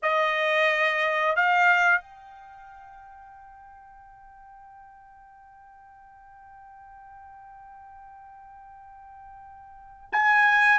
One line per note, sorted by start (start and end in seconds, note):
0.02 1.36 D#5
1.36 2.00 F5
2.00 10.09 G5
10.12 10.78 G#5